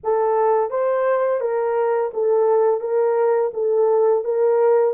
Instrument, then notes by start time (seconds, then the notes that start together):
horn
0.03 A4
0.70 C5
1.40 A#4
2.13 A4
2.80 A#4
3.53 A4
4.24 A#4